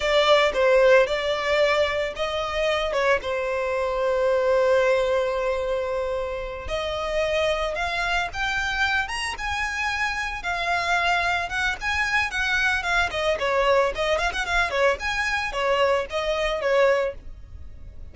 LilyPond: \new Staff \with { instrumentName = "violin" } { \time 4/4 \tempo 4 = 112 d''4 c''4 d''2 | dis''4. cis''8 c''2~ | c''1~ | c''8 dis''2 f''4 g''8~ |
g''4 ais''8 gis''2 f''8~ | f''4. fis''8 gis''4 fis''4 | f''8 dis''8 cis''4 dis''8 f''16 fis''16 f''8 cis''8 | gis''4 cis''4 dis''4 cis''4 | }